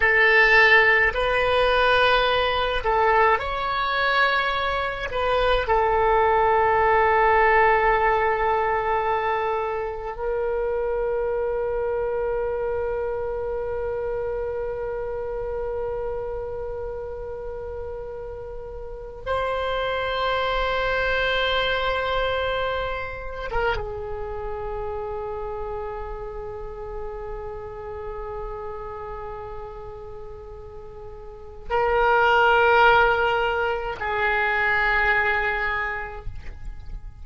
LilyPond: \new Staff \with { instrumentName = "oboe" } { \time 4/4 \tempo 4 = 53 a'4 b'4. a'8 cis''4~ | cis''8 b'8 a'2.~ | a'4 ais'2.~ | ais'1~ |
ais'4 c''2.~ | c''8. ais'16 gis'2.~ | gis'1 | ais'2 gis'2 | }